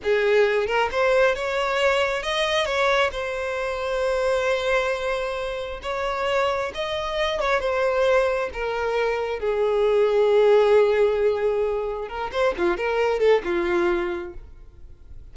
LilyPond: \new Staff \with { instrumentName = "violin" } { \time 4/4 \tempo 4 = 134 gis'4. ais'8 c''4 cis''4~ | cis''4 dis''4 cis''4 c''4~ | c''1~ | c''4 cis''2 dis''4~ |
dis''8 cis''8 c''2 ais'4~ | ais'4 gis'2.~ | gis'2. ais'8 c''8 | f'8 ais'4 a'8 f'2 | }